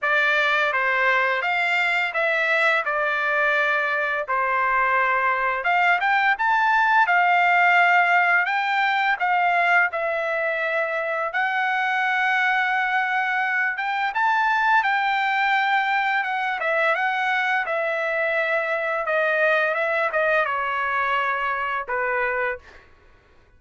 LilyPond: \new Staff \with { instrumentName = "trumpet" } { \time 4/4 \tempo 4 = 85 d''4 c''4 f''4 e''4 | d''2 c''2 | f''8 g''8 a''4 f''2 | g''4 f''4 e''2 |
fis''2.~ fis''8 g''8 | a''4 g''2 fis''8 e''8 | fis''4 e''2 dis''4 | e''8 dis''8 cis''2 b'4 | }